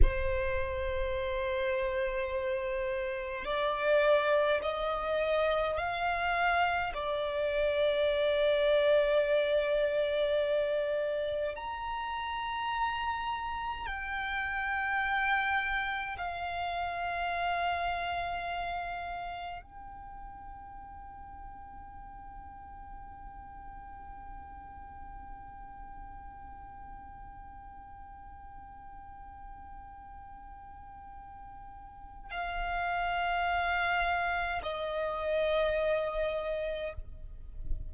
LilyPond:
\new Staff \with { instrumentName = "violin" } { \time 4/4 \tempo 4 = 52 c''2. d''4 | dis''4 f''4 d''2~ | d''2 ais''2 | g''2 f''2~ |
f''4 g''2.~ | g''1~ | g''1 | f''2 dis''2 | }